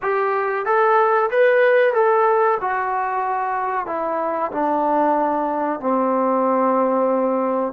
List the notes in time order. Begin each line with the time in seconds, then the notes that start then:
0.02 G4
0.65 A4
1.30 B4
1.93 A4
2.60 F#4
3.86 E4
4.51 D4
5.80 C4